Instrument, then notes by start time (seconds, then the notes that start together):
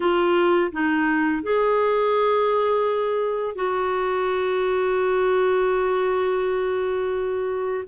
clarinet
0.00 F4
0.72 D#4
1.43 G#4
3.55 F#4